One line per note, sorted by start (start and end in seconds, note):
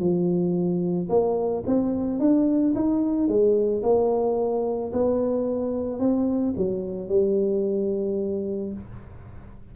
0.00 1.09 F3
1.10 1.64 A#3
1.67 2.20 C4
2.20 2.74 D4
2.76 3.28 D#4
3.28 3.83 G#3
3.83 4.92 A#3
4.93 6.00 B3
6.00 6.55 C4
6.57 7.09 F#3
7.09 8.73 G3